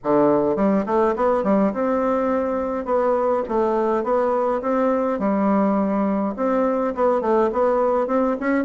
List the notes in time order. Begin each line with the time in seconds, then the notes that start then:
0.03 D3
0.56 G3
0.86 A3
1.16 B3
1.43 G3
1.73 C4
2.85 B3
3.48 A3
4.03 B3
4.61 C4
5.19 G3
6.36 C4
6.94 B3
7.21 A3
7.52 B3
8.07 C4
8.39 C#4